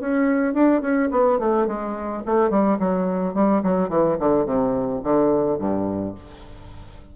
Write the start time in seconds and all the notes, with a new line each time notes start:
0.00 C#4
0.54 D4
0.82 C#4
1.11 B3
1.39 A3
1.67 G#3
2.26 A3
2.50 G3
2.79 F#3
3.34 G3
3.63 F#3
3.89 E3
4.19 D3
4.45 C3
5.03 D3
5.58 G2